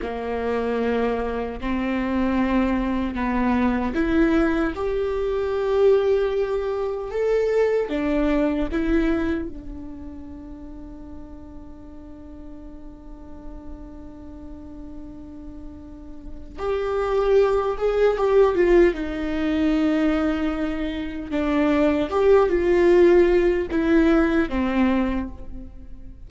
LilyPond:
\new Staff \with { instrumentName = "viola" } { \time 4/4 \tempo 4 = 76 ais2 c'2 | b4 e'4 g'2~ | g'4 a'4 d'4 e'4 | d'1~ |
d'1~ | d'4 g'4. gis'8 g'8 f'8 | dis'2. d'4 | g'8 f'4. e'4 c'4 | }